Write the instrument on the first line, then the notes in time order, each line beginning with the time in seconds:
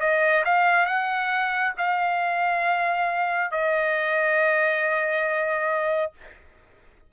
trumpet
0.00 D#5
0.44 F5
0.85 F#5
1.77 F5
3.51 D#5